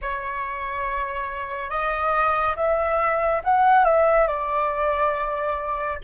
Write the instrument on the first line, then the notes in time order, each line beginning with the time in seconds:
flute
0.01 C#5
1.69 D#5
2.56 E5
3.44 F#5
3.84 E5
4.27 D5